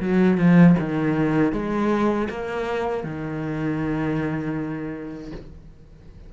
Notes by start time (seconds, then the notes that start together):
0.00 F#3
0.37 F3
0.79 D#3
1.52 G#3
2.30 A#3
3.03 D#3